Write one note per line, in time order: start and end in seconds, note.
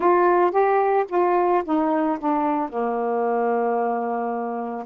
0.00 0.51 F4
0.51 1.05 G4
1.09 1.63 F4
1.64 2.18 D#4
2.19 2.69 D4
2.69 4.85 A#3